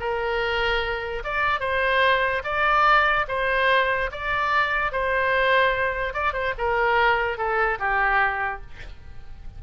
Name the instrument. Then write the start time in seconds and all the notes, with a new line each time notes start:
oboe
0.00 A#4
1.24 D5
1.60 C5
2.44 D5
3.28 C5
4.12 D5
4.92 C5
6.14 D5
6.33 C5
6.58 A#4
7.38 A4
7.79 G4